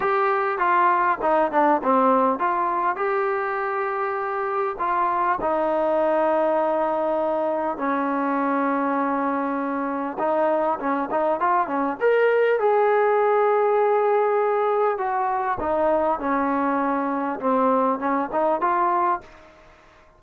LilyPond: \new Staff \with { instrumentName = "trombone" } { \time 4/4 \tempo 4 = 100 g'4 f'4 dis'8 d'8 c'4 | f'4 g'2. | f'4 dis'2.~ | dis'4 cis'2.~ |
cis'4 dis'4 cis'8 dis'8 f'8 cis'8 | ais'4 gis'2.~ | gis'4 fis'4 dis'4 cis'4~ | cis'4 c'4 cis'8 dis'8 f'4 | }